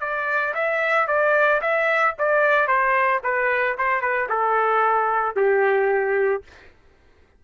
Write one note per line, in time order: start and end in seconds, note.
0.00 0.54 D5
0.54 1.07 E5
1.07 1.61 D5
1.61 2.15 E5
2.19 2.67 D5
2.67 3.21 C5
3.23 3.77 B4
3.78 4.01 C5
4.01 4.28 B4
4.29 5.36 A4
5.36 6.43 G4